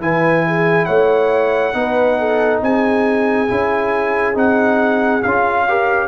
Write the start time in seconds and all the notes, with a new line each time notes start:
0.00 E3 E4 B4 G#5
0.47 G#4
0.85 A3 C#5 F#5
1.73 B3 D#4 B4
2.19 A4
2.62 C4 G#4 G#5
3.47 C#4 E4
4.34 C4 D#4 F#5
5.22 C#4 F4 F5
5.68 G4 A#4